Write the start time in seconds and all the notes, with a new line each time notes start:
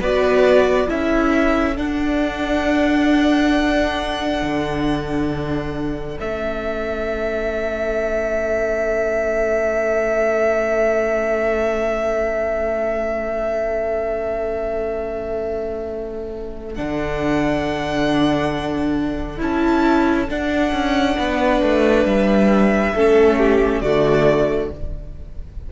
0.00 B3 F#4 B4 D5
0.87 C#4 E4 A4 E5
1.75 D4 F#5
4.42 D3
6.15 A3 C#4 E5
16.74 D3 D4 F#5
19.37 C#4 E4 A5
20.29 D4 F#5
20.72 C#4
21.17 B3 B4
21.61 A3
22.05 G3 E5
22.94 A3 C#4 A4
23.38 G4
23.81 D3 A3 F#4 D5